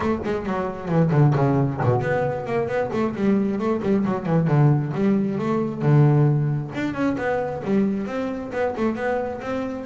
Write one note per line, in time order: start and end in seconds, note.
0.00 0.19 A3
0.24 0.46 G#3
0.46 0.88 F#3
0.88 1.10 E3
1.11 1.33 D3
1.35 1.80 C#3
1.83 2.01 B2
2.01 2.46 B3
2.46 2.67 A#3
2.67 2.90 B3
2.92 3.15 A3
3.15 3.58 G3
3.58 3.81 A3
3.82 4.04 G3
4.05 4.25 F#3
4.25 4.47 E3
4.47 4.92 D3
4.94 5.38 G3
5.38 5.81 A3
5.81 6.71 D3
6.74 6.94 D4
6.94 7.16 C#4
7.17 7.62 B3
7.64 8.06 G3
8.06 8.51 C4
8.52 8.74 B3
8.76 8.95 A3
8.95 9.40 B3
9.41 9.85 C4